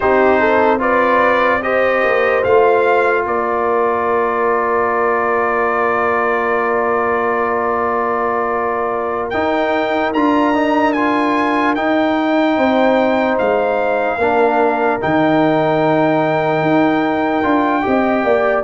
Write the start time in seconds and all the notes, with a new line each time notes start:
0.00 C4 D#4 G4 C5
0.39 A4
0.79 F4 B4 D5
1.62 G4 C5 D#5
2.03 A#3
2.43 A3 F4 F5
3.24 A#3 A#4 D5
9.30 D#4 G5
10.13 D4 F4 A#5
10.54 D#4
10.93 F4 G#5
11.75 D#4 G5
12.56 C4 C5
13.38 G#3 F5
14.17 A#3 D4 A#4
15.00 D#3 D#4 G5
16.61 D#4
17.43 D4 F4
17.82 C4 G4 D#5
18.24 A#3 D5